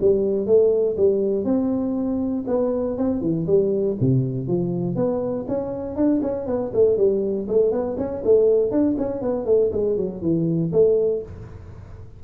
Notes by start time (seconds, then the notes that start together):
0.00 G3
0.46 A3
0.97 G3
1.44 C4
2.47 B3
2.97 C4
3.21 E3
3.46 G3
4.00 C3
4.47 F3
4.95 B3
5.47 C#4
5.95 D4
6.22 C#4
6.46 B3
6.73 A3
6.97 G3
7.47 A3
7.71 B3
7.97 C#4
8.24 A3
8.71 D4
8.98 C#4
9.21 B3
9.45 A3
9.72 G#3
9.97 F#3
10.21 E3
10.72 A3